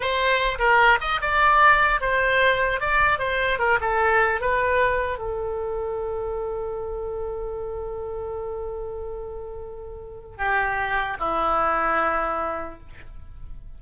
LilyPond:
\new Staff \with { instrumentName = "oboe" } { \time 4/4 \tempo 4 = 150 c''4. ais'4 dis''8 d''4~ | d''4 c''2 d''4 | c''4 ais'8 a'4. b'4~ | b'4 a'2.~ |
a'1~ | a'1~ | a'2 g'2 | e'1 | }